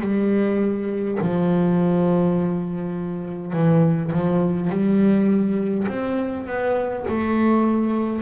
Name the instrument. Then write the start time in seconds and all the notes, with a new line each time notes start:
double bass
0.00 G3
1.21 F3
3.52 E3
4.12 F3
4.70 G3
5.88 C4
6.47 B3
7.08 A3